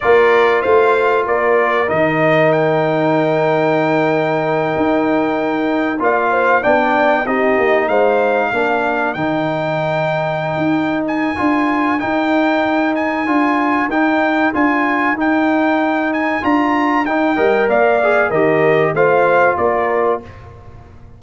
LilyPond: <<
  \new Staff \with { instrumentName = "trumpet" } { \time 4/4 \tempo 4 = 95 d''4 f''4 d''4 dis''4 | g''1~ | g''4. f''4 g''4 dis''8~ | dis''8 f''2 g''4.~ |
g''4. gis''4. g''4~ | g''8 gis''4. g''4 gis''4 | g''4. gis''8 ais''4 g''4 | f''4 dis''4 f''4 d''4 | }
  \new Staff \with { instrumentName = "horn" } { \time 4/4 ais'4 c''4 ais'2~ | ais'1~ | ais'4. d''8 c''8 d''4 g'8~ | g'8 c''4 ais'2~ ais'8~ |
ais'1~ | ais'1~ | ais'2.~ ais'8 dis''8 | d''4 ais'4 c''4 ais'4 | }
  \new Staff \with { instrumentName = "trombone" } { \time 4/4 f'2. dis'4~ | dis'1~ | dis'4. f'4 d'4 dis'8~ | dis'4. d'4 dis'4.~ |
dis'2 f'4 dis'4~ | dis'4 f'4 dis'4 f'4 | dis'2 f'4 dis'8 ais'8~ | ais'8 gis'8 g'4 f'2 | }
  \new Staff \with { instrumentName = "tuba" } { \time 4/4 ais4 a4 ais4 dis4~ | dis2.~ dis8 dis'8~ | dis'4. ais4 b4 c'8 | ais8 gis4 ais4 dis4.~ |
dis8. dis'4~ dis'16 d'4 dis'4~ | dis'4 d'4 dis'4 d'4 | dis'2 d'4 dis'8 g8 | ais4 dis4 a4 ais4 | }
>>